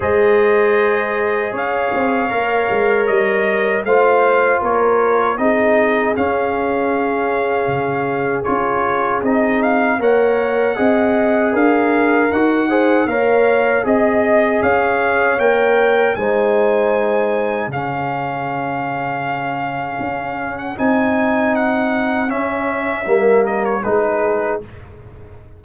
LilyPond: <<
  \new Staff \with { instrumentName = "trumpet" } { \time 4/4 \tempo 4 = 78 dis''2 f''2 | dis''4 f''4 cis''4 dis''4 | f''2. cis''4 | dis''8 f''8 fis''2 f''4 |
fis''4 f''4 dis''4 f''4 | g''4 gis''2 f''4~ | f''2~ f''8. fis''16 gis''4 | fis''4 e''4. dis''16 cis''16 b'4 | }
  \new Staff \with { instrumentName = "horn" } { \time 4/4 c''2 cis''2~ | cis''4 c''4 ais'4 gis'4~ | gis'1~ | gis'4 cis''4 dis''4 ais'4~ |
ais'8 c''8 cis''4 dis''4 cis''4~ | cis''4 c''2 gis'4~ | gis'1~ | gis'2 ais'4 gis'4 | }
  \new Staff \with { instrumentName = "trombone" } { \time 4/4 gis'2. ais'4~ | ais'4 f'2 dis'4 | cis'2. f'4 | dis'4 ais'4 gis'2 |
fis'8 gis'8 ais'4 gis'2 | ais'4 dis'2 cis'4~ | cis'2. dis'4~ | dis'4 cis'4 ais4 dis'4 | }
  \new Staff \with { instrumentName = "tuba" } { \time 4/4 gis2 cis'8 c'8 ais8 gis8 | g4 a4 ais4 c'4 | cis'2 cis4 cis'4 | c'4 ais4 c'4 d'4 |
dis'4 ais4 c'4 cis'4 | ais4 gis2 cis4~ | cis2 cis'4 c'4~ | c'4 cis'4 g4 gis4 | }
>>